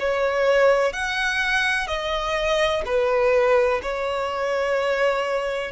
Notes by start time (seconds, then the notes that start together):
0.00 C#5
0.94 F#5
1.87 D#5
2.86 B4
3.83 C#5